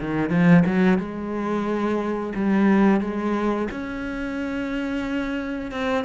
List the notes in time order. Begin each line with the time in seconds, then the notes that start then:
0.00 D#3
0.29 F3
0.66 F#3
0.98 G#3
2.35 G3
3.00 G#3
3.71 C#4
5.71 C4